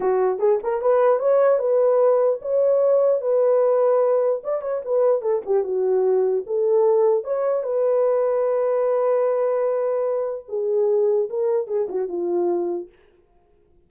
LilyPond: \new Staff \with { instrumentName = "horn" } { \time 4/4 \tempo 4 = 149 fis'4 gis'8 ais'8 b'4 cis''4 | b'2 cis''2 | b'2. d''8 cis''8 | b'4 a'8 g'8 fis'2 |
a'2 cis''4 b'4~ | b'1~ | b'2 gis'2 | ais'4 gis'8 fis'8 f'2 | }